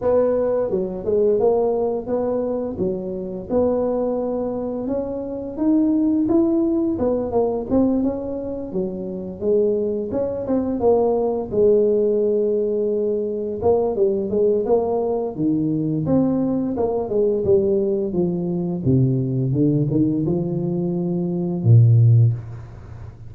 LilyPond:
\new Staff \with { instrumentName = "tuba" } { \time 4/4 \tempo 4 = 86 b4 fis8 gis8 ais4 b4 | fis4 b2 cis'4 | dis'4 e'4 b8 ais8 c'8 cis'8~ | cis'8 fis4 gis4 cis'8 c'8 ais8~ |
ais8 gis2. ais8 | g8 gis8 ais4 dis4 c'4 | ais8 gis8 g4 f4 c4 | d8 dis8 f2 ais,4 | }